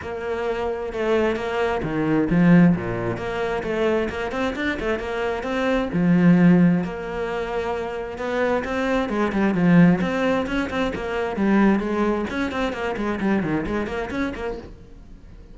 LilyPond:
\new Staff \with { instrumentName = "cello" } { \time 4/4 \tempo 4 = 132 ais2 a4 ais4 | dis4 f4 ais,4 ais4 | a4 ais8 c'8 d'8 a8 ais4 | c'4 f2 ais4~ |
ais2 b4 c'4 | gis8 g8 f4 c'4 cis'8 c'8 | ais4 g4 gis4 cis'8 c'8 | ais8 gis8 g8 dis8 gis8 ais8 cis'8 ais8 | }